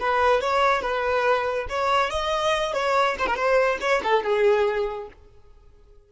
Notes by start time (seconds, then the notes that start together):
0.00 B4
0.41 C#5
0.82 B4
1.69 C#5
2.10 D#5
2.74 C#5
3.19 C5
3.27 A#4
3.36 C5
3.81 C#5
4.03 A4
4.24 G#4